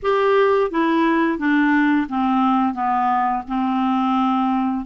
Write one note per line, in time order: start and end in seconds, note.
0.02 0.70 G4
0.70 1.38 E4
1.38 2.07 D4
2.08 2.73 C4
2.73 3.42 B3
3.48 4.85 C4